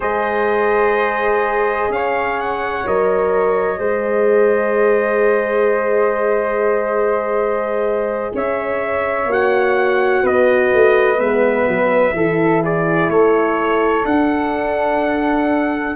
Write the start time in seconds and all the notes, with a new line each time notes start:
0.00 G#3 G#4 C5 D#5
1.89 C#4 C#5 F5
2.39 F#5
2.86 F#3 A#4 D#5
3.78 G#3 G#4 C5
8.34 C#4 C#5 E5
9.25 A#3 F#4
9.32 F#5
10.23 B3 B4 D#5
10.72 A3
11.17 G#3 B3 E5
11.68 F#3
12.12 E3 E4 A4
12.62 G#4 D5
13.08 A3 A4 C#5
14.05 D4 F#5